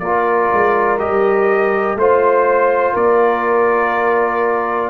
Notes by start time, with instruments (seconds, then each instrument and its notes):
0.00 tuba A#3, trombone F4, horn A#4, trumpet D5
0.53 tuba G#3
0.99 tuba G3, trombone G4, trumpet D#5
1.95 tuba A3, trombone F4, trumpet C5, horn C5
2.94 tuba A#3, horn A#4, trumpet D5